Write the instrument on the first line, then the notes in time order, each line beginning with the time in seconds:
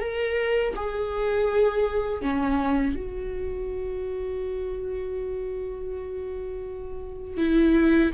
viola
0.00 A#4
0.75 G#4
2.22 C#4
2.96 F#4
7.37 E4